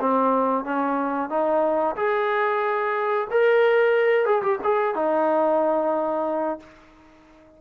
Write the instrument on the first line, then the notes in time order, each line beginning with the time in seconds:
trombone
0.00 C4
0.64 C#4
1.29 D#4
1.95 G#4
3.30 A#4
4.25 G#4
4.42 G4
4.63 G#4
4.95 D#4